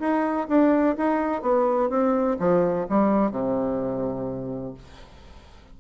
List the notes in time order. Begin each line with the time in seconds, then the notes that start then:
0.00 D#4
0.49 D4
0.97 D#4
1.42 B3
1.90 C4
2.39 F3
2.89 G3
3.31 C3